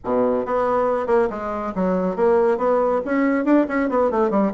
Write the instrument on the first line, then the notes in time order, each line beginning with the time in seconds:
bassoon
0.04 B2
0.45 B3
1.06 A#3
1.29 G#3
1.75 F#3
2.16 A#3
2.57 B3
3.05 C#4
3.44 D4
3.68 C#4
3.89 B3
4.10 A3
4.30 G3